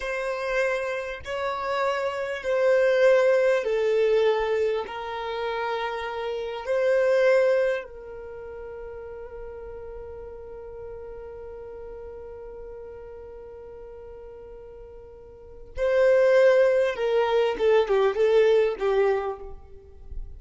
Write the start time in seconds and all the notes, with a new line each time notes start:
0.00 C5
1.24 C#5
2.43 C5
3.64 A4
4.87 A#4
6.65 C5
7.83 A#4
15.76 C5
16.95 A#4
17.58 A4
17.88 G4
18.15 A4
18.79 G4